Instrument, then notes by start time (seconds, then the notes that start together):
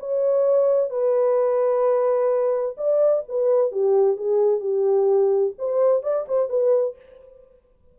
horn
0.00 C#5
0.90 B4
2.77 D5
3.29 B4
3.72 G4
4.17 G#4
4.60 G4
5.59 C5
6.03 D5
6.28 C5
6.49 B4